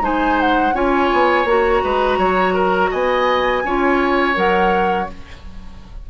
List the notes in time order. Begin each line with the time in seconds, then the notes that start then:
0.00 G#3 D#4 C5 G#5
0.41 F#5
0.73 C#4 F4 C#5 G#5
1.12 B3
1.44 A#3 F#4 A#5
1.83 G#3 B4
2.18 F#3 C#5
2.54 A#4
2.90 B3 D#5 G#5
3.64 C#4 F4 C#5
4.34 F#3 A#4 F#5